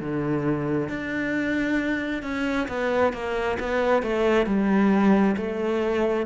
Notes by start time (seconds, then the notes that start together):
0.00 D3
0.89 D4
2.23 C#4
2.68 B3
3.13 A#3
3.59 B3
4.03 A3
4.46 G3
5.37 A3